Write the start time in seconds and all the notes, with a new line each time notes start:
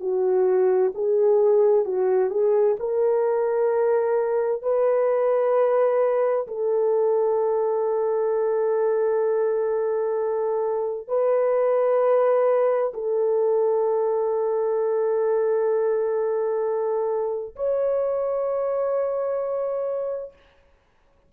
0.00 F#4
0.94 G#4
1.85 F#4
2.30 G#4
2.79 A#4
4.62 B4
6.47 A4
11.08 B4
12.94 A4
17.56 C#5